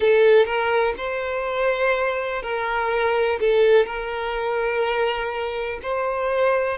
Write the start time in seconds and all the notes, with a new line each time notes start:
0.00 A4
0.45 A#4
0.97 C5
2.42 A#4
3.40 A4
3.85 A#4
5.82 C5